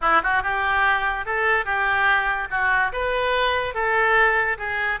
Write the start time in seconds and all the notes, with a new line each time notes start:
0.01 E4
0.23 F#4
0.42 G4
1.25 A4
1.65 G4
2.50 F#4
2.92 B4
3.74 A4
4.58 G#4